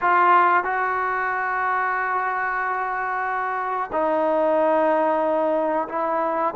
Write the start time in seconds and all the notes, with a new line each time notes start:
0.01 F4
0.64 F#4
3.92 D#4
5.89 E4